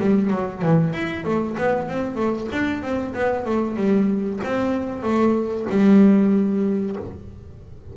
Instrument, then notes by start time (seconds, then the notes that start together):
double bass
0.00 G3
0.31 F#3
0.62 E3
0.94 E4
1.25 A3
1.58 B3
1.88 C4
2.16 A3
2.52 D4
2.82 C4
3.14 B3
3.46 A3
3.76 G3
4.44 C4
5.03 A3
5.70 G3